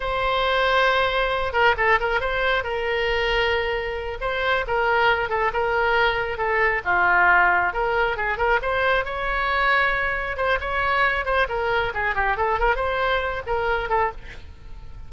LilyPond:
\new Staff \with { instrumentName = "oboe" } { \time 4/4 \tempo 4 = 136 c''2.~ c''8 ais'8 | a'8 ais'8 c''4 ais'2~ | ais'4. c''4 ais'4. | a'8 ais'2 a'4 f'8~ |
f'4. ais'4 gis'8 ais'8 c''8~ | c''8 cis''2. c''8 | cis''4. c''8 ais'4 gis'8 g'8 | a'8 ais'8 c''4. ais'4 a'8 | }